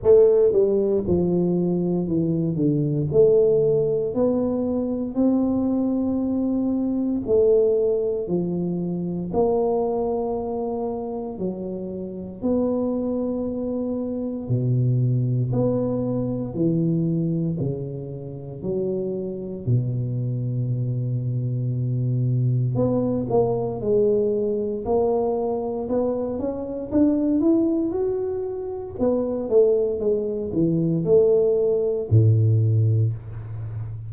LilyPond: \new Staff \with { instrumentName = "tuba" } { \time 4/4 \tempo 4 = 58 a8 g8 f4 e8 d8 a4 | b4 c'2 a4 | f4 ais2 fis4 | b2 b,4 b4 |
e4 cis4 fis4 b,4~ | b,2 b8 ais8 gis4 | ais4 b8 cis'8 d'8 e'8 fis'4 | b8 a8 gis8 e8 a4 a,4 | }